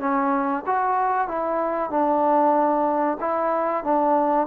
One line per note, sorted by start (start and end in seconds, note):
0.00 0.64 C#4
0.67 1.28 F#4
1.28 1.91 E4
1.91 3.19 D4
3.21 3.84 E4
3.84 4.47 D4